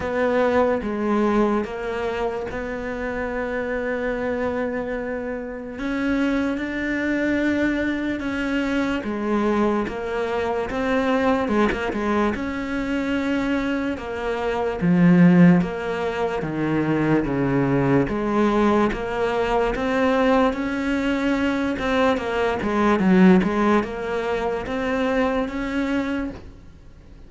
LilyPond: \new Staff \with { instrumentName = "cello" } { \time 4/4 \tempo 4 = 73 b4 gis4 ais4 b4~ | b2. cis'4 | d'2 cis'4 gis4 | ais4 c'4 gis16 ais16 gis8 cis'4~ |
cis'4 ais4 f4 ais4 | dis4 cis4 gis4 ais4 | c'4 cis'4. c'8 ais8 gis8 | fis8 gis8 ais4 c'4 cis'4 | }